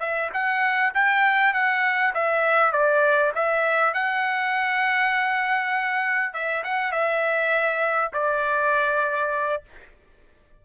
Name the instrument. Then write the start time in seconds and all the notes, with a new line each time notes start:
trumpet
0.00 E5
0.34 F#5
0.94 G5
1.54 F#5
2.14 E5
2.72 D5
3.35 E5
3.94 F#5
6.34 E5
6.64 F#5
6.92 E5
8.13 D5